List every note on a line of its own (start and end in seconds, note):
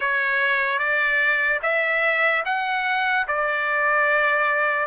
0.00 0.79 C#5
0.79 1.60 D5
1.62 2.43 E5
2.45 3.26 F#5
3.27 4.86 D5